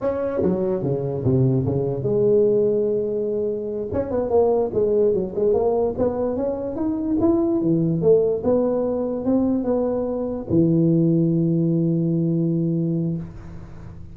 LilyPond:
\new Staff \with { instrumentName = "tuba" } { \time 4/4 \tempo 4 = 146 cis'4 fis4 cis4 c4 | cis4 gis2.~ | gis4. cis'8 b8 ais4 gis8~ | gis8 fis8 gis8 ais4 b4 cis'8~ |
cis'8 dis'4 e'4 e4 a8~ | a8 b2 c'4 b8~ | b4. e2~ e8~ | e1 | }